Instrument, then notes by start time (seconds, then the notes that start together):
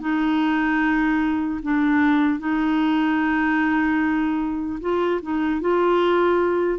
clarinet
0.00 D#4
1.63 D4
2.40 D#4
4.81 F4
5.22 D#4
5.61 F4